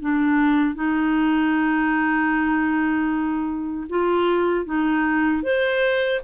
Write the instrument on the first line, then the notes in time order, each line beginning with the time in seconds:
clarinet
0.00 D4
0.75 D#4
3.89 F4
4.65 D#4
5.43 C5